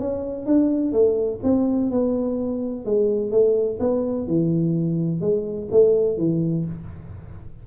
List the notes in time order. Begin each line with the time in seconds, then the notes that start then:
0.00 C#4
0.46 D4
0.93 A3
1.44 C4
1.91 B3
2.85 G#3
3.31 A3
3.80 B3
4.27 E3
5.21 G#3
5.72 A3
6.18 E3